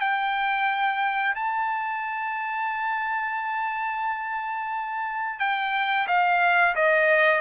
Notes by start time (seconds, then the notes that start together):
0.00 G5
1.35 A5
5.39 G5
6.07 F5
6.75 D#5